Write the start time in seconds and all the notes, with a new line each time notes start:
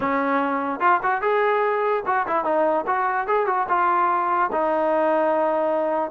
0.00 C#4
0.80 F4
1.03 F#4
1.21 G#4
2.06 F#4
2.27 E4
2.44 D#4
2.86 F#4
3.27 G#4
3.46 F#4
3.68 F4
4.52 D#4